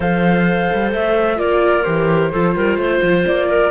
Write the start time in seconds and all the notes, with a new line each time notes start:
0.00 F3 A4 C5 F5
0.73 G3
0.92 A3 E5
1.36 A#3 F4 A#4 D5
1.83 E3 G4 C5
2.31 F3 F4 A4
2.56 G3 A#4
2.77 A3 C5
3.01 F3
3.26 A#3 D5
3.48 A#4